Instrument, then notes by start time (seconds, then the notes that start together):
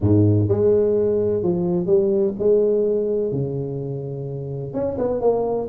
tuba
0.01 G#2
0.48 G#3
1.43 F3
1.86 G3
2.39 G#3
3.32 C#3
4.73 C#4
4.97 B3
5.20 A#3